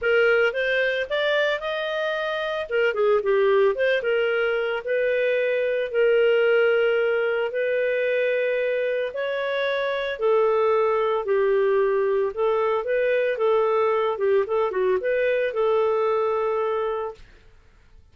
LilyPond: \new Staff \with { instrumentName = "clarinet" } { \time 4/4 \tempo 4 = 112 ais'4 c''4 d''4 dis''4~ | dis''4 ais'8 gis'8 g'4 c''8 ais'8~ | ais'4 b'2 ais'4~ | ais'2 b'2~ |
b'4 cis''2 a'4~ | a'4 g'2 a'4 | b'4 a'4. g'8 a'8 fis'8 | b'4 a'2. | }